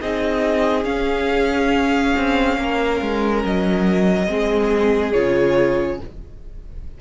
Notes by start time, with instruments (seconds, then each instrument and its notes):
0.00 cello C4, viola D#4, violin G#4 D#5
0.84 viola C#4, cello C#4, violin F5
2.16 cello C4
2.57 cello A#3, violin A#4
3.01 cello G#3
3.44 cello F#3, violin D#5
4.27 cello G#3, viola C4, violin G#4
5.12 cello C#3, viola F4, violin C#5